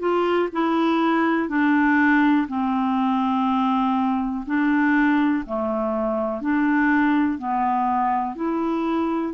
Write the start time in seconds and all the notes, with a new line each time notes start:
0.00 F4
0.53 E4
1.49 D4
2.49 C4
4.46 D4
5.46 A3
6.42 D4
7.39 B3
8.36 E4